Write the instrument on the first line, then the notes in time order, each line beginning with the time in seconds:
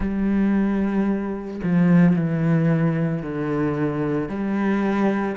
cello
0.00 G3
1.63 F3
2.16 E3
3.22 D3
4.29 G3